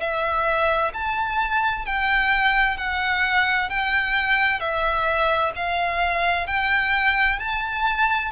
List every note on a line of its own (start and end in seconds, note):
0.00 0.92 E5
0.94 1.86 A5
1.86 2.78 G5
2.78 3.70 F#5
3.70 4.60 G5
4.60 5.53 E5
5.56 6.47 F5
6.47 7.39 G5
7.39 8.32 A5